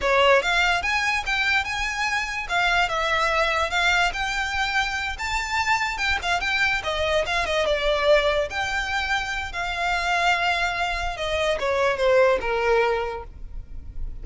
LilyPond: \new Staff \with { instrumentName = "violin" } { \time 4/4 \tempo 4 = 145 cis''4 f''4 gis''4 g''4 | gis''2 f''4 e''4~ | e''4 f''4 g''2~ | g''8 a''2 g''8 f''8 g''8~ |
g''8 dis''4 f''8 dis''8 d''4.~ | d''8 g''2~ g''8 f''4~ | f''2. dis''4 | cis''4 c''4 ais'2 | }